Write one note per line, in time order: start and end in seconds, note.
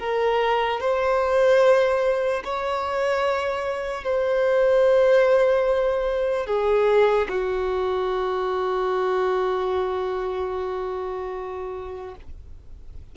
0.00 0.81 A#4
0.81 2.43 C5
2.44 4.04 C#5
4.04 6.46 C5
6.46 7.28 G#4
7.29 12.15 F#4